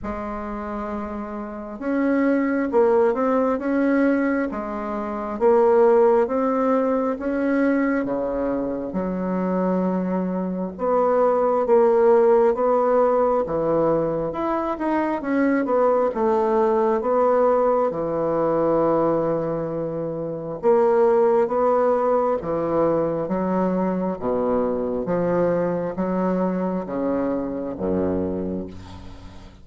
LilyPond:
\new Staff \with { instrumentName = "bassoon" } { \time 4/4 \tempo 4 = 67 gis2 cis'4 ais8 c'8 | cis'4 gis4 ais4 c'4 | cis'4 cis4 fis2 | b4 ais4 b4 e4 |
e'8 dis'8 cis'8 b8 a4 b4 | e2. ais4 | b4 e4 fis4 b,4 | f4 fis4 cis4 fis,4 | }